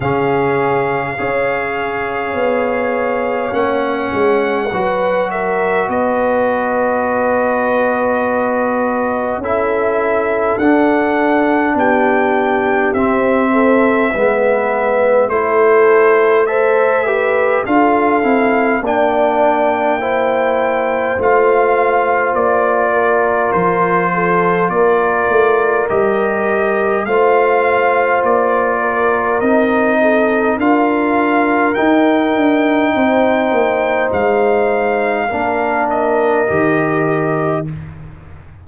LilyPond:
<<
  \new Staff \with { instrumentName = "trumpet" } { \time 4/4 \tempo 4 = 51 f''2. fis''4~ | fis''8 e''8 dis''2. | e''4 fis''4 g''4 e''4~ | e''4 c''4 e''4 f''4 |
g''2 f''4 d''4 | c''4 d''4 dis''4 f''4 | d''4 dis''4 f''4 g''4~ | g''4 f''4. dis''4. | }
  \new Staff \with { instrumentName = "horn" } { \time 4/4 gis'4 cis''2. | b'8 ais'8 b'2. | a'2 g'4. a'8 | b'4 a'4 c''8 b'8 a'4 |
d''4 c''2~ c''8 ais'8~ | ais'8 a'8 ais'2 c''4~ | c''8 ais'4 a'8 ais'2 | c''2 ais'2 | }
  \new Staff \with { instrumentName = "trombone" } { \time 4/4 cis'4 gis'2 cis'4 | fis'1 | e'4 d'2 c'4 | b4 e'4 a'8 g'8 f'8 e'8 |
d'4 e'4 f'2~ | f'2 g'4 f'4~ | f'4 dis'4 f'4 dis'4~ | dis'2 d'4 g'4 | }
  \new Staff \with { instrumentName = "tuba" } { \time 4/4 cis4 cis'4 b4 ais8 gis8 | fis4 b2. | cis'4 d'4 b4 c'4 | gis4 a2 d'8 c'8 |
ais2 a4 ais4 | f4 ais8 a8 g4 a4 | ais4 c'4 d'4 dis'8 d'8 | c'8 ais8 gis4 ais4 dis4 | }
>>